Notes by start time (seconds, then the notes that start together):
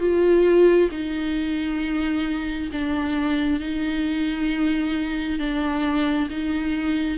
0.00 F4
0.91 D#4
2.72 D4
3.60 D#4
5.40 D4
6.31 D#4